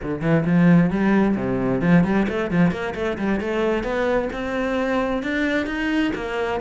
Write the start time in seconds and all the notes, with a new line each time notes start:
0.02 D3
0.21 E3
0.45 F3
0.90 G3
1.36 C3
1.81 F3
2.04 G3
2.28 A3
2.50 F3
2.71 A#3
2.94 A3
3.17 G3
3.40 A3
3.83 B3
4.32 C4
5.22 D4
5.66 D#4
6.15 A#3